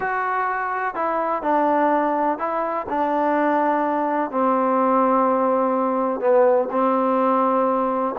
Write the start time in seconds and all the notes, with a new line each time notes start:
0.00 F#4
0.94 E4
1.42 D4
2.38 E4
2.89 D4
4.30 C4
6.20 B3
6.71 C4